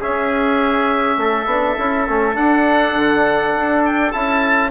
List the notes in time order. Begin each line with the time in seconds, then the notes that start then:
0.00 C#4 G#4 E5
1.17 A3 A4
1.46 B3 D4
1.78 C#4 E4
2.08 A3 C#4
2.35 D4 F#5
2.95 D3
3.56 D4
3.86 G5
4.12 C#4 E4 A5